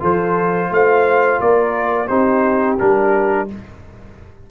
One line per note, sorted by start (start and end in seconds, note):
0.00 0.71 F3
0.00 2.07 F4
0.00 0.70 A4
0.00 0.74 C5
0.71 1.40 A3
0.71 1.42 C5
0.71 1.42 F5
1.41 2.10 A#3
1.41 2.09 A#4
1.41 2.08 D5
2.08 2.79 C4
2.08 2.79 D#4
2.08 3.47 G4
2.08 2.77 C5
2.80 3.51 G3
2.80 3.49 D4
2.80 3.49 A#4